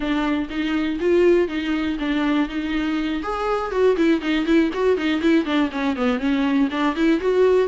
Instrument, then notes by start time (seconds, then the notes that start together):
viola
0.00 D4
0.49 D#4
0.99 F4
1.47 D#4
1.99 D4
2.48 D#4
3.22 G#4
3.71 F#4
3.96 E4
4.21 D#4
4.45 E4
4.73 F#4
4.97 D#4
5.21 E4
5.45 D4
5.71 C#4
5.95 B3
6.19 C#4
6.71 D4
6.95 E4
7.20 F#4